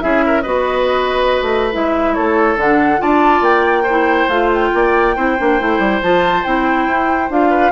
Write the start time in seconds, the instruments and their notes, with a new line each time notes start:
0.00 bassoon C#4, clarinet E4, oboe G#4, flute E5
0.26 oboe A#4
0.41 bassoon B3, clarinet F#4, oboe B4, flute D#5
1.41 bassoon A3
1.71 bassoon G#3, clarinet E4, flute E5
2.14 bassoon A3, oboe A4, flute C#5
2.56 bassoon D3, clarinet D4, flute F#5
2.98 bassoon D4, clarinet F4, oboe D5, flute A5
3.41 bassoon A#3, flute G5
3.82 oboe C5
3.90 clarinet E4
4.28 bassoon A3, clarinet F4, flute F5
4.53 flute G5
4.73 bassoon A#3, oboe D5
5.15 bassoon C4, clarinet E4, oboe C5
5.38 bassoon A#3, clarinet D4
5.59 bassoon A3, clarinet E4
5.79 bassoon G3
6.02 bassoon F3, clarinet F4, flute A5
6.43 bassoon C4, clarinet E4, flute G5
6.87 bassoon E4
7.29 bassoon D4, clarinet F4, flute F5
7.49 oboe B4